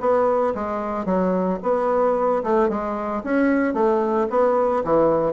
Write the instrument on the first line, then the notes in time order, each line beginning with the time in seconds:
bassoon
0.00 B3
0.54 G#3
1.05 F#3
1.62 B3
2.43 A3
2.69 G#3
3.24 C#4
3.74 A3
4.30 B3
4.84 E3